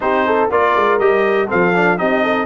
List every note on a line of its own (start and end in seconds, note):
0.00 0.49 C4
0.00 0.49 D#4
0.00 0.26 G4
0.00 0.50 C5
0.26 0.50 A4
0.49 0.74 A#3
0.49 1.00 F4
0.49 1.47 A#4
0.49 0.99 D5
0.75 0.99 G#3
0.99 1.49 G3
0.99 1.47 G4
0.99 1.48 D#5
1.47 2.00 F3
1.47 1.72 C4
1.47 1.97 A4
1.47 1.98 F5
1.75 1.97 D4
1.97 2.45 C4
1.97 2.45 D#4
1.97 2.23 G4
1.97 2.45 D#5
2.23 2.45 A4